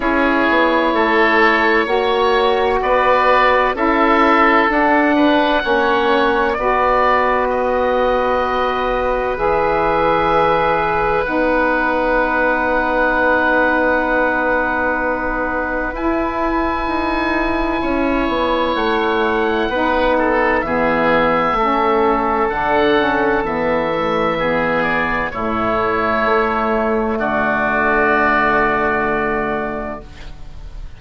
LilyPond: <<
  \new Staff \with { instrumentName = "oboe" } { \time 4/4 \tempo 4 = 64 cis''2. d''4 | e''4 fis''2 d''4 | dis''2 e''2 | fis''1~ |
fis''4 gis''2. | fis''2 e''2 | fis''4 e''4. d''8 cis''4~ | cis''4 d''2. | }
  \new Staff \with { instrumentName = "oboe" } { \time 4/4 gis'4 a'4 cis''4 b'4 | a'4. b'8 cis''4 b'4~ | b'1~ | b'1~ |
b'2. cis''4~ | cis''4 b'8 a'8 gis'4 a'4~ | a'2 gis'4 e'4~ | e'4 fis'2. | }
  \new Staff \with { instrumentName = "saxophone" } { \time 4/4 e'2 fis'2 | e'4 d'4 cis'4 fis'4~ | fis'2 gis'2 | dis'1~ |
dis'4 e'2.~ | e'4 dis'4 b4 cis'4 | d'8 cis'8 b8 a8 b4 a4~ | a1 | }
  \new Staff \with { instrumentName = "bassoon" } { \time 4/4 cis'8 b8 a4 ais4 b4 | cis'4 d'4 ais4 b4~ | b2 e2 | b1~ |
b4 e'4 dis'4 cis'8 b8 | a4 b4 e4 a4 | d4 e2 a,4 | a4 d2. | }
>>